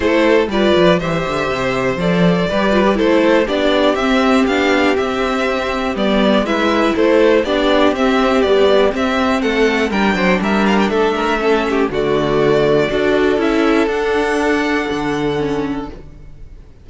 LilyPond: <<
  \new Staff \with { instrumentName = "violin" } { \time 4/4 \tempo 4 = 121 c''4 d''4 e''2 | d''2 c''4 d''4 | e''4 f''4 e''2 | d''4 e''4 c''4 d''4 |
e''4 d''4 e''4 fis''4 | g''4 e''8 f''16 g''16 e''2 | d''2. e''4 | fis''1 | }
  \new Staff \with { instrumentName = "violin" } { \time 4/4 a'4 b'4 c''2~ | c''4 b'4 a'4 g'4~ | g'1~ | g'4 b'4 a'4 g'4~ |
g'2. a'4 | ais'8 c''8 ais'4 a'8 ais'8 a'8 g'8 | fis'2 a'2~ | a'1 | }
  \new Staff \with { instrumentName = "viola" } { \time 4/4 e'4 f'4 g'2 | a'4 g'8 f'16 g'16 e'4 d'4 | c'4 d'4 c'2 | b4 e'2 d'4 |
c'4 g4 c'2 | d'2. cis'4 | a2 fis'4 e'4 | d'2. cis'4 | }
  \new Staff \with { instrumentName = "cello" } { \time 4/4 a4 g8 f8 e8 d8 c4 | f4 g4 a4 b4 | c'4 b4 c'2 | g4 gis4 a4 b4 |
c'4 b4 c'4 a4 | g8 fis8 g4 a2 | d2 d'4 cis'4 | d'2 d2 | }
>>